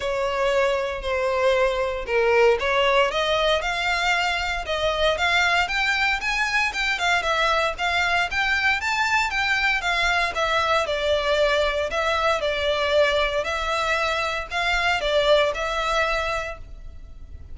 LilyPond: \new Staff \with { instrumentName = "violin" } { \time 4/4 \tempo 4 = 116 cis''2 c''2 | ais'4 cis''4 dis''4 f''4~ | f''4 dis''4 f''4 g''4 | gis''4 g''8 f''8 e''4 f''4 |
g''4 a''4 g''4 f''4 | e''4 d''2 e''4 | d''2 e''2 | f''4 d''4 e''2 | }